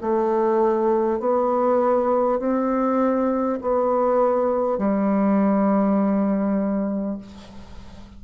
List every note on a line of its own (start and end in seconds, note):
0.00 1.19 A3
1.19 2.39 B3
2.39 3.59 C4
3.61 4.78 B3
4.78 7.18 G3